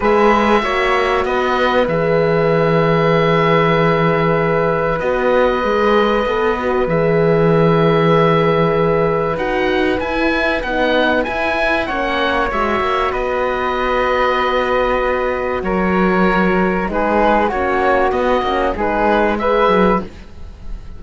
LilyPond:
<<
  \new Staff \with { instrumentName = "oboe" } { \time 4/4 \tempo 4 = 96 e''2 dis''4 e''4~ | e''1 | dis''2. e''4~ | e''2. fis''4 |
gis''4 fis''4 gis''4 fis''4 | e''4 dis''2.~ | dis''4 cis''2 b'4 | cis''4 dis''4 b'4 e''4 | }
  \new Staff \with { instrumentName = "flute" } { \time 4/4 b'4 cis''4 b'2~ | b'1~ | b'1~ | b'1~ |
b'2. cis''4~ | cis''4 b'2.~ | b'4 ais'2 gis'4 | fis'2 gis'4 b'4 | }
  \new Staff \with { instrumentName = "horn" } { \time 4/4 gis'4 fis'2 gis'4~ | gis'1 | fis'4 gis'4 a'8 fis'8 gis'4~ | gis'2. fis'4 |
e'4 dis'4 e'4 cis'4 | fis'1~ | fis'2. dis'4 | cis'4 b8 cis'8 dis'4 gis'4 | }
  \new Staff \with { instrumentName = "cello" } { \time 4/4 gis4 ais4 b4 e4~ | e1 | b4 gis4 b4 e4~ | e2. dis'4 |
e'4 b4 e'4 ais4 | gis8 ais8 b2.~ | b4 fis2 gis4 | ais4 b8 ais8 gis4. fis8 | }
>>